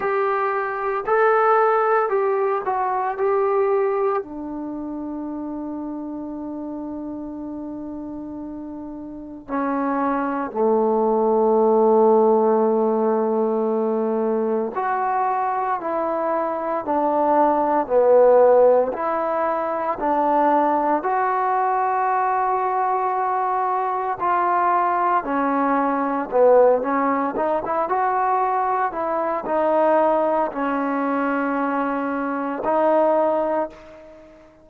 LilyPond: \new Staff \with { instrumentName = "trombone" } { \time 4/4 \tempo 4 = 57 g'4 a'4 g'8 fis'8 g'4 | d'1~ | d'4 cis'4 a2~ | a2 fis'4 e'4 |
d'4 b4 e'4 d'4 | fis'2. f'4 | cis'4 b8 cis'8 dis'16 e'16 fis'4 e'8 | dis'4 cis'2 dis'4 | }